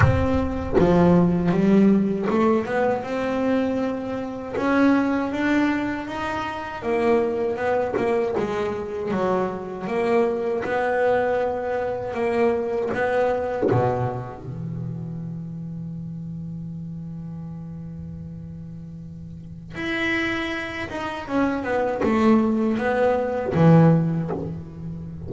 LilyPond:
\new Staff \with { instrumentName = "double bass" } { \time 4/4 \tempo 4 = 79 c'4 f4 g4 a8 b8 | c'2 cis'4 d'4 | dis'4 ais4 b8 ais8 gis4 | fis4 ais4 b2 |
ais4 b4 b,4 e4~ | e1~ | e2 e'4. dis'8 | cis'8 b8 a4 b4 e4 | }